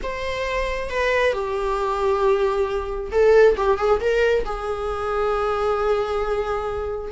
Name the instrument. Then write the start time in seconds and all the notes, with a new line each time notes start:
viola
0.02 C5
0.89 B4
1.33 G4
3.11 A4
3.56 G4
3.77 G#4
4.00 A#4
4.45 G#4